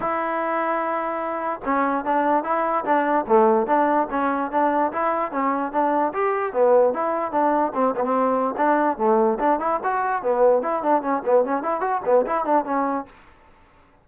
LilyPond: \new Staff \with { instrumentName = "trombone" } { \time 4/4 \tempo 4 = 147 e'1 | cis'4 d'4 e'4 d'4 | a4 d'4 cis'4 d'4 | e'4 cis'4 d'4 g'4 |
b4 e'4 d'4 c'8 b16 c'16~ | c'4 d'4 a4 d'8 e'8 | fis'4 b4 e'8 d'8 cis'8 b8 | cis'8 e'8 fis'8 b8 e'8 d'8 cis'4 | }